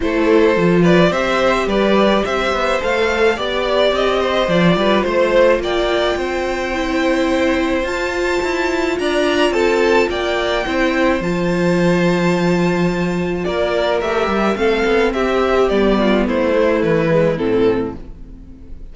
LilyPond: <<
  \new Staff \with { instrumentName = "violin" } { \time 4/4 \tempo 4 = 107 c''4. d''8 e''4 d''4 | e''4 f''4 d''4 dis''4 | d''4 c''4 g''2~ | g''2 a''2 |
ais''4 a''4 g''2 | a''1 | d''4 e''4 f''4 e''4 | d''4 c''4 b'4 a'4 | }
  \new Staff \with { instrumentName = "violin" } { \time 4/4 a'4. b'8 c''4 b'4 | c''2 d''4. c''8~ | c''8 b'8 c''4 d''4 c''4~ | c''1 |
d''4 a'4 d''4 c''4~ | c''1 | ais'2 a'4 g'4~ | g'8 f'8 e'2. | }
  \new Staff \with { instrumentName = "viola" } { \time 4/4 e'4 f'4 g'2~ | g'4 a'4 g'2 | f'1 | e'2 f'2~ |
f'2. e'4 | f'1~ | f'4 g'4 c'2 | b4. a4 gis8 c'4 | }
  \new Staff \with { instrumentName = "cello" } { \time 4/4 a4 f4 c'4 g4 | c'8 b8 a4 b4 c'4 | f8 g8 a4 ais4 c'4~ | c'2 f'4 e'4 |
d'4 c'4 ais4 c'4 | f1 | ais4 a8 g8 a8 b8 c'4 | g4 a4 e4 a,4 | }
>>